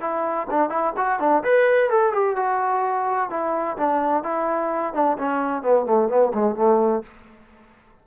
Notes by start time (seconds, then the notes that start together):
0.00 E4
0.50 D4
0.69 E4
0.97 F#4
1.19 D4
1.43 B4
1.90 A4
2.13 G4
2.36 F#4
3.30 E4
3.77 D4
4.23 E4
4.93 D4
5.18 C#4
5.62 B3
5.85 A3
6.08 B3
6.34 G#3
6.55 A3